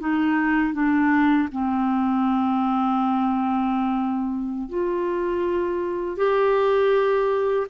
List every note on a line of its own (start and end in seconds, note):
0.00 0.74 D#4
0.74 1.49 D4
1.52 4.69 C4
4.69 6.17 F4
6.17 7.67 G4